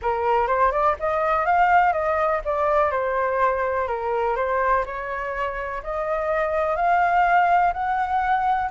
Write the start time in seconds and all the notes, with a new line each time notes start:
0.02 A#4
0.47 C5
0.71 D5
0.99 D#5
1.45 F5
1.92 D#5
2.44 D5
2.91 C5
3.87 A#4
4.35 C5
4.85 C#5
5.83 D#5
6.75 F5
7.73 F#5